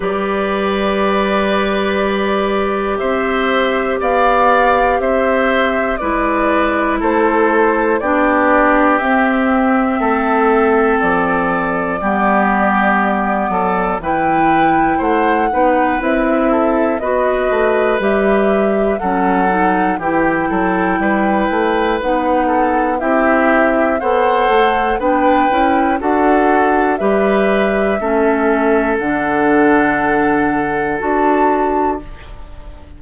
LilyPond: <<
  \new Staff \with { instrumentName = "flute" } { \time 4/4 \tempo 4 = 60 d''2. e''4 | f''4 e''4 d''4 c''4 | d''4 e''2 d''4~ | d''2 g''4 fis''4 |
e''4 dis''4 e''4 fis''4 | g''2 fis''4 e''4 | fis''4 g''4 fis''4 e''4~ | e''4 fis''2 a''4 | }
  \new Staff \with { instrumentName = "oboe" } { \time 4/4 b'2. c''4 | d''4 c''4 b'4 a'4 | g'2 a'2 | g'4. a'8 b'4 c''8 b'8~ |
b'8 a'8 b'2 a'4 | g'8 a'8 b'4. a'8 g'4 | c''4 b'4 a'4 b'4 | a'1 | }
  \new Staff \with { instrumentName = "clarinet" } { \time 4/4 g'1~ | g'2 e'2 | d'4 c'2. | b2 e'4. dis'8 |
e'4 fis'4 g'4 cis'8 dis'8 | e'2 dis'4 e'4 | a'4 d'8 e'8 fis'4 g'4 | cis'4 d'2 fis'4 | }
  \new Staff \with { instrumentName = "bassoon" } { \time 4/4 g2. c'4 | b4 c'4 gis4 a4 | b4 c'4 a4 f4 | g4. fis8 e4 a8 b8 |
c'4 b8 a8 g4 fis4 | e8 fis8 g8 a8 b4 c'4 | b8 a8 b8 cis'8 d'4 g4 | a4 d2 d'4 | }
>>